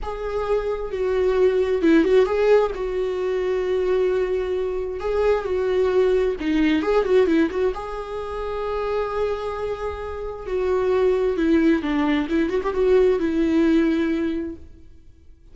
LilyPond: \new Staff \with { instrumentName = "viola" } { \time 4/4 \tempo 4 = 132 gis'2 fis'2 | e'8 fis'8 gis'4 fis'2~ | fis'2. gis'4 | fis'2 dis'4 gis'8 fis'8 |
e'8 fis'8 gis'2.~ | gis'2. fis'4~ | fis'4 e'4 d'4 e'8 fis'16 g'16 | fis'4 e'2. | }